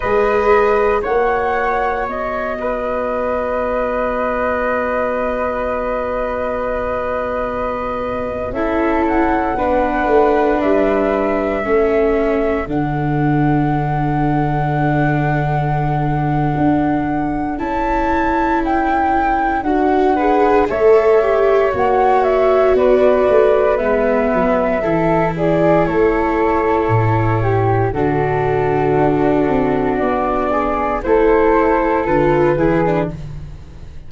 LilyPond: <<
  \new Staff \with { instrumentName = "flute" } { \time 4/4 \tempo 4 = 58 dis''4 fis''4 dis''2~ | dis''1~ | dis''16 e''8 fis''4. e''4.~ e''16~ | e''16 fis''2.~ fis''8.~ |
fis''4 a''4 g''4 fis''4 | e''4 fis''8 e''8 d''4 e''4~ | e''8 d''8 cis''2 a'4~ | a'4 d''4 c''4 b'4 | }
  \new Staff \with { instrumentName = "flute" } { \time 4/4 b'4 cis''4. b'4.~ | b'1~ | b'16 a'4 b'2 a'8.~ | a'1~ |
a'2.~ a'8 b'8 | cis''2 b'2 | a'8 gis'8 a'4. g'8 fis'4~ | fis'4. gis'8 a'4. gis'8 | }
  \new Staff \with { instrumentName = "viola" } { \time 4/4 gis'4 fis'2.~ | fis'1~ | fis'16 e'4 d'2 cis'8.~ | cis'16 d'2.~ d'8.~ |
d'4 e'2 fis'8 gis'8 | a'8 g'8 fis'2 b4 | e'2. d'4~ | d'2 e'4 f'8 e'16 d'16 | }
  \new Staff \with { instrumentName = "tuba" } { \time 4/4 gis4 ais4 b2~ | b1~ | b16 cis'4 b8 a8 g4 a8.~ | a16 d2.~ d8. |
d'4 cis'2 d'4 | a4 ais4 b8 a8 gis8 fis8 | e4 a4 a,4 d4 | d'8 c'8 b4 a4 d8 e8 | }
>>